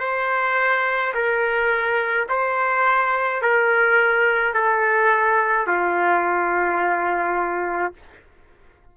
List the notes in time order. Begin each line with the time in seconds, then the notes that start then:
0.00 C5
1.15 A#4
2.30 C5
3.42 A#4
4.54 A4
5.68 F4